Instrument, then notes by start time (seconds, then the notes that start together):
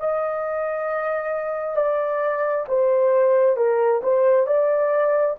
horn
0.00 D#5
1.76 D5
2.68 C5
3.57 A#4
4.03 C5
4.47 D5